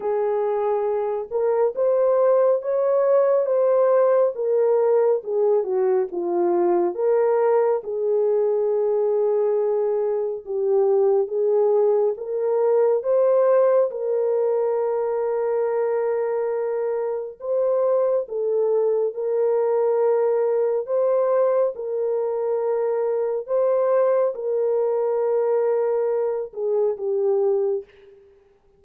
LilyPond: \new Staff \with { instrumentName = "horn" } { \time 4/4 \tempo 4 = 69 gis'4. ais'8 c''4 cis''4 | c''4 ais'4 gis'8 fis'8 f'4 | ais'4 gis'2. | g'4 gis'4 ais'4 c''4 |
ais'1 | c''4 a'4 ais'2 | c''4 ais'2 c''4 | ais'2~ ais'8 gis'8 g'4 | }